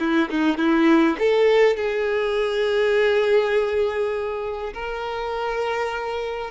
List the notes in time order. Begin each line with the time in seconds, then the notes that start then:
0.00 E4
0.30 D#4
0.58 E4
1.19 A4
1.77 G#4
4.74 A#4